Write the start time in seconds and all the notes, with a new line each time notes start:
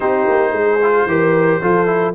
0.00 C4 D#4 G4 C5
0.29 A#3
0.52 G#3 G#4
0.82 F4
1.06 E3 G4 A#4
1.61 F3 F4 A4
1.86 E4